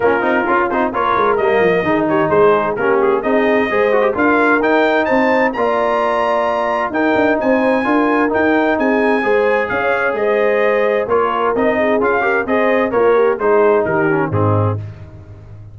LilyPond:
<<
  \new Staff \with { instrumentName = "trumpet" } { \time 4/4 \tempo 4 = 130 ais'4. c''8 cis''4 dis''4~ | dis''8 cis''8 c''4 ais'8 gis'8 dis''4~ | dis''4 f''4 g''4 a''4 | ais''2. g''4 |
gis''2 g''4 gis''4~ | gis''4 f''4 dis''2 | cis''4 dis''4 f''4 dis''4 | cis''4 c''4 ais'4 gis'4 | }
  \new Staff \with { instrumentName = "horn" } { \time 4/4 f'2 ais'2 | gis'8 g'8 gis'4 g'4 gis'4 | c''4 ais'2 c''4 | d''2. ais'4 |
c''4 ais'2 gis'4 | c''4 cis''4 c''2 | ais'4. gis'4 ais'8 c''4 | f'8 g'8 gis'4 g'4 dis'4 | }
  \new Staff \with { instrumentName = "trombone" } { \time 4/4 cis'8 dis'8 f'8 dis'8 f'4 ais4 | dis'2 cis'4 dis'4 | gis'8 fis'16 g'16 f'4 dis'2 | f'2. dis'4~ |
dis'4 f'4 dis'2 | gis'1 | f'4 dis'4 f'8 g'8 gis'4 | ais'4 dis'4. cis'8 c'4 | }
  \new Staff \with { instrumentName = "tuba" } { \time 4/4 ais8 c'8 cis'8 c'8 ais8 gis8 g8 f8 | dis4 gis4 ais4 c'4 | gis4 d'4 dis'4 c'4 | ais2. dis'8 d'8 |
c'4 d'4 dis'4 c'4 | gis4 cis'4 gis2 | ais4 c'4 cis'4 c'4 | ais4 gis4 dis4 gis,4 | }
>>